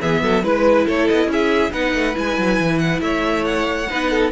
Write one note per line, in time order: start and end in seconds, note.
0.00 0.21 E3
0.00 0.43 B3
0.00 0.22 G#4
0.00 0.44 E5
0.21 0.43 F#3
0.21 0.43 A4
0.43 0.86 G#3
0.43 1.71 E4
0.43 0.85 B4
0.43 0.87 B4
0.85 1.09 A3
0.85 1.28 A4
0.85 1.07 C#5
1.07 1.26 B3
1.07 1.29 D#5
1.26 1.69 C#4
1.26 1.72 G#4
1.26 1.72 E5
1.71 1.93 B3
1.71 2.13 D#4
1.71 3.01 B4
1.71 2.15 F#5
1.94 2.15 A3
2.13 2.37 G#3
2.13 3.86 E4
2.13 2.78 G#5
2.37 2.59 F#3
2.59 3.00 E3
2.78 3.00 F#5
3.00 3.86 A3
3.00 3.90 C#5
3.00 3.44 E5
3.44 4.30 F#5
3.89 4.31 B3
3.89 4.31 D#4
3.89 4.10 B4
4.10 4.31 A4